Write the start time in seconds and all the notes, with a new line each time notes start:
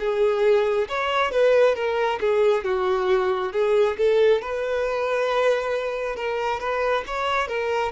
0.00 G#4
0.89 C#5
1.32 B4
1.75 A#4
2.21 G#4
2.64 F#4
3.53 G#4
3.97 A4
4.42 B4
6.16 A#4
6.60 B4
7.07 C#5
7.48 A#4